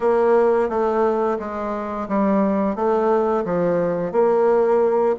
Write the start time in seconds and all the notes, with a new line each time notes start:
0.00 A#3
0.69 A3
1.39 G#3
2.08 G3
2.75 A3
3.44 F3
4.12 A#3